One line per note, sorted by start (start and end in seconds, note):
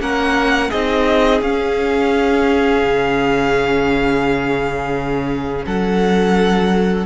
0.00 0.71 A#3
0.00 0.71 C#4
0.00 0.70 A#4
0.00 0.71 F#5
0.70 1.41 C4
0.70 1.42 D#4
0.70 5.64 G#4
0.70 1.41 D#5
1.41 2.82 C#4
1.41 7.06 C#4
1.41 5.66 F5
2.83 5.66 C#3
5.66 7.06 F#3
5.66 7.06 A4
5.66 7.06 F#5